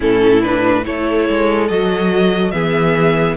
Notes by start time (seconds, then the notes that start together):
0.00 A2 C#4 E4 A4
0.42 D4 B4
0.84 A3 E4 A4 C#5
1.29 G#3
1.68 F#3 F#4 D#5
2.51 E3 B3 G#4 E5